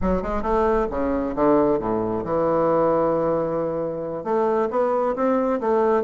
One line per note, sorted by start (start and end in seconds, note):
0.01 0.22 F#3
0.22 0.42 G#3
0.42 0.87 A3
0.90 1.35 C#3
1.35 1.79 D3
1.79 2.23 A2
2.24 4.23 E3
4.23 4.68 A3
4.70 5.15 B3
5.15 5.60 C4
5.60 6.03 A3